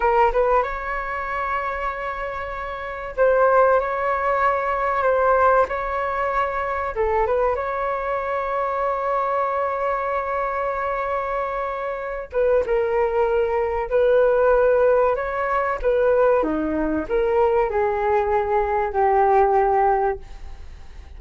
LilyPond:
\new Staff \with { instrumentName = "flute" } { \time 4/4 \tempo 4 = 95 ais'8 b'8 cis''2.~ | cis''4 c''4 cis''2 | c''4 cis''2 a'8 b'8 | cis''1~ |
cis''2.~ cis''8 b'8 | ais'2 b'2 | cis''4 b'4 dis'4 ais'4 | gis'2 g'2 | }